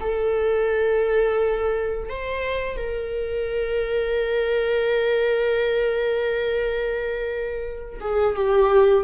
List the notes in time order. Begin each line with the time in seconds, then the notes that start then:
0.00 A4
2.09 C5
2.77 A#4
8.00 G#4
8.35 G4